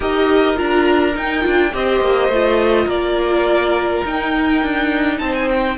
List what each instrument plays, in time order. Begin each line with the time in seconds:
0.00 cello D#4, viola G4, violin A#4 D#5
0.55 cello D4, viola F4, violin A#5
1.14 viola D#4, cello D#4, violin G5
1.41 cello D4, viola F4
1.72 cello C4, viola G4, violin C5 D#5
2.00 cello A#3
2.28 cello A3, viola F4
2.85 cello A#3, violin A#4 D5
4.05 cello D#4, viola D#4, violin G5
4.62 cello D4
5.18 cello C4, violin C5 A5
5.34 violin G#5
5.50 violin G5